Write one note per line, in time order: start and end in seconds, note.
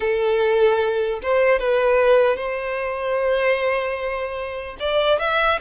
0.00 1.20 A4
1.22 1.59 C5
1.59 2.36 B4
2.36 4.76 C5
4.79 5.19 D5
5.19 5.59 E5